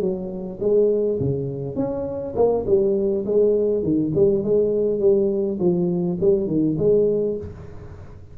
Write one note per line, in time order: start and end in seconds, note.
0.00 0.59 F#3
0.60 1.19 G#3
1.19 1.76 C#3
1.76 2.34 C#4
2.35 2.65 A#3
2.66 3.25 G3
3.25 3.83 G#3
3.83 4.12 D#3
4.15 4.44 G3
4.44 4.99 G#3
4.99 5.58 G3
5.59 6.18 F3
6.20 6.47 G3
6.47 6.76 D#3
6.78 7.37 G#3